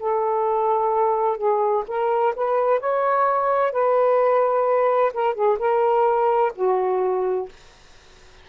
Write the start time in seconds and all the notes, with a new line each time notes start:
0.00 A4
1.37 G#4
1.88 A#4
2.36 B4
2.80 C#5
3.72 B4
5.14 A#4
5.35 G#4
5.59 A#4
6.55 F#4